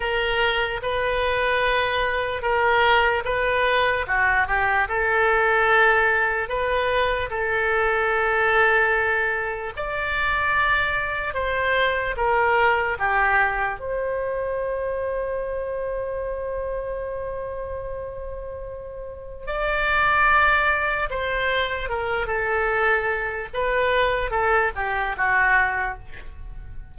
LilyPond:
\new Staff \with { instrumentName = "oboe" } { \time 4/4 \tempo 4 = 74 ais'4 b'2 ais'4 | b'4 fis'8 g'8 a'2 | b'4 a'2. | d''2 c''4 ais'4 |
g'4 c''2.~ | c''1 | d''2 c''4 ais'8 a'8~ | a'4 b'4 a'8 g'8 fis'4 | }